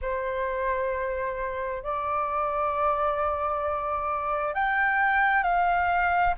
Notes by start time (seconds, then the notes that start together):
0.01 C5
1.82 D5
4.54 G5
5.43 F5